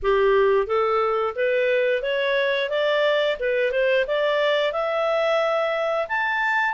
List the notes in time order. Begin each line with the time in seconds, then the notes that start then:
0.02 G4
0.66 A4
1.35 B4
2.02 C#5
2.69 D5
3.39 B4
3.71 C5
4.07 D5
4.72 E5
6.08 A5